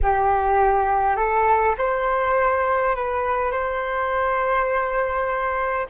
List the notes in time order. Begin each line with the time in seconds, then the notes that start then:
0.02 G4
1.16 A4
1.78 C5
2.95 B4
3.51 C5